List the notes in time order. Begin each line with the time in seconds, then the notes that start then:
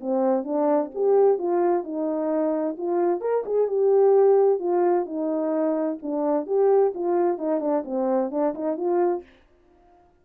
0.00 C4
0.44 D4
0.94 G4
1.38 F4
1.83 D#4
2.78 F4
3.21 A#4
3.45 G#4
3.67 G4
4.59 F4
5.05 D#4
6.02 D4
6.46 G4
6.94 F4
7.38 D#4
7.60 D4
7.85 C4
8.31 D4
8.54 D#4
8.77 F4